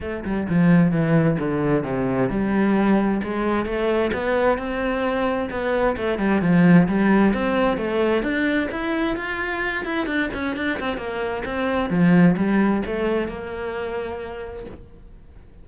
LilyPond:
\new Staff \with { instrumentName = "cello" } { \time 4/4 \tempo 4 = 131 a8 g8 f4 e4 d4 | c4 g2 gis4 | a4 b4 c'2 | b4 a8 g8 f4 g4 |
c'4 a4 d'4 e'4 | f'4. e'8 d'8 cis'8 d'8 c'8 | ais4 c'4 f4 g4 | a4 ais2. | }